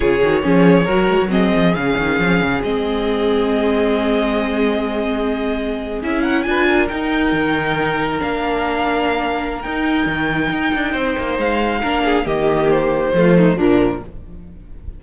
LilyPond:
<<
  \new Staff \with { instrumentName = "violin" } { \time 4/4 \tempo 4 = 137 cis''2. dis''4 | f''2 dis''2~ | dis''1~ | dis''4.~ dis''16 e''8 fis''8 gis''4 g''16~ |
g''2~ g''8. f''4~ f''16~ | f''2 g''2~ | g''2 f''2 | dis''4 c''2 ais'4 | }
  \new Staff \with { instrumentName = "violin" } { \time 4/4 gis'4 cis'4 ais'4 gis'4~ | gis'1~ | gis'1~ | gis'2~ gis'16 ais'8 b'8 ais'8.~ |
ais'1~ | ais'1~ | ais'4 c''2 ais'8 gis'8 | g'2 f'8 dis'8 d'4 | }
  \new Staff \with { instrumentName = "viola" } { \time 4/4 f'8 fis'8 gis'4 fis'4 c'4 | cis'2 c'2~ | c'1~ | c'4.~ c'16 e'4 f'4 dis'16~ |
dis'2~ dis'8. d'4~ d'16~ | d'2 dis'2~ | dis'2. d'4 | ais2 a4 f4 | }
  \new Staff \with { instrumentName = "cello" } { \time 4/4 cis8 dis8 f4 fis8 gis16 fis8. f8 | cis8 dis8 f8 cis8 gis2~ | gis1~ | gis4.~ gis16 cis'4 d'4 dis'16~ |
dis'8. dis2 ais4~ ais16~ | ais2 dis'4 dis4 | dis'8 d'8 c'8 ais8 gis4 ais4 | dis2 f4 ais,4 | }
>>